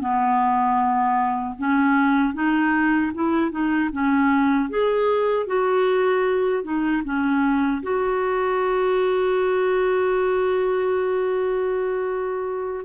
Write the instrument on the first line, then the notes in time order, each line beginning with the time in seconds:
clarinet
0.00 B3
1.59 C#4
2.34 D#4
3.15 E4
3.51 D#4
3.92 C#4
4.70 G#4
5.47 F#4
6.64 D#4
7.04 C#4
7.83 F#4